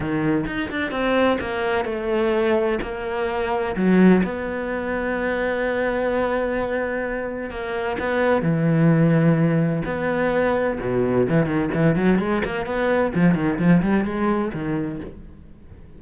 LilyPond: \new Staff \with { instrumentName = "cello" } { \time 4/4 \tempo 4 = 128 dis4 dis'8 d'8 c'4 ais4 | a2 ais2 | fis4 b2.~ | b1 |
ais4 b4 e2~ | e4 b2 b,4 | e8 dis8 e8 fis8 gis8 ais8 b4 | f8 dis8 f8 g8 gis4 dis4 | }